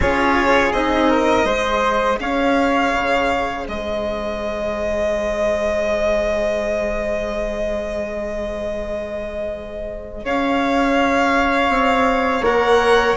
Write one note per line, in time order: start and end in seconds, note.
0.00 0.70 C#4
0.00 0.74 F4
0.00 1.10 G#4
0.00 0.72 C#5
0.72 1.44 C4
0.72 1.45 D#4
0.72 2.18 D#5
1.10 1.45 A#4
1.44 2.17 G#3
1.44 12.42 G#4
1.44 2.18 C5
2.19 2.93 C#4
2.19 3.66 C#5
2.19 3.66 F5
2.93 3.66 C#3
3.66 10.24 G#3
3.66 10.24 C5
3.66 10.25 D#5
10.24 11.69 C#4
10.24 13.16 C#5
10.24 12.44 F5
11.69 12.41 C4
12.41 13.14 A#3
12.41 13.16 A#4
12.41 13.16 F#5